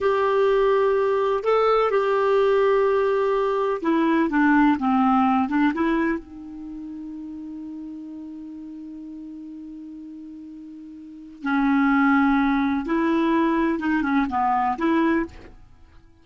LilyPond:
\new Staff \with { instrumentName = "clarinet" } { \time 4/4 \tempo 4 = 126 g'2. a'4 | g'1 | e'4 d'4 c'4. d'8 | e'4 dis'2.~ |
dis'1~ | dis'1 | cis'2. e'4~ | e'4 dis'8 cis'8 b4 e'4 | }